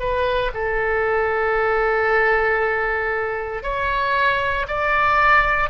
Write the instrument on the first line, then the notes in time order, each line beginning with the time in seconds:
oboe
0.00 B4
0.54 A4
3.63 C#5
4.68 D5